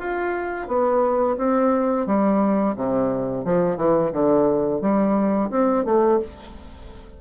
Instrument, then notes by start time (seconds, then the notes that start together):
bassoon
0.00 F4
0.68 B3
1.38 C4
2.07 G3
2.76 C3
3.45 F3
3.77 E3
4.13 D3
4.82 G3
5.51 C4
5.85 A3